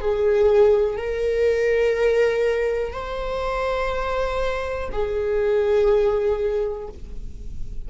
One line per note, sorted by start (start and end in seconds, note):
0.00 0.97 G#4
0.97 2.92 A#4
2.92 4.89 C5
4.91 6.88 G#4